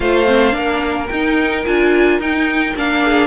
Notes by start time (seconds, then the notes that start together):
0.00 A3 F4 C5 F5
0.26 C4
0.51 A#3 D4 A#4
1.08 D#4 G5
1.65 D4 F4 G#5
2.19 D#4 G5
2.75 A#3 D4 F5
3.03 G#4